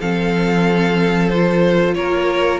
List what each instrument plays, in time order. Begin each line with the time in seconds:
0.00 cello F3, viola C4, violin A4 F5
1.29 viola F4, violin C5
1.94 cello A#3, violin A#4 C#5